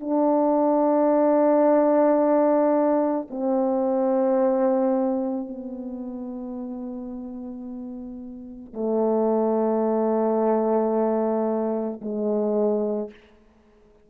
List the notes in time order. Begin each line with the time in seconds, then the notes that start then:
0.00 D4
3.30 C4
5.48 B3
8.73 A3
12.01 G#3